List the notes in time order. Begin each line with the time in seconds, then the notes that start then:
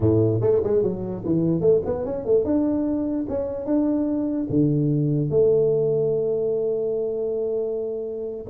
0.00 A2
0.40 A3
0.63 G#3
0.82 F#3
1.25 E3
1.60 A3
1.85 B3
2.05 C#4
2.25 A3
2.44 D4
3.28 C#4
3.65 D4
4.49 D3
5.29 A3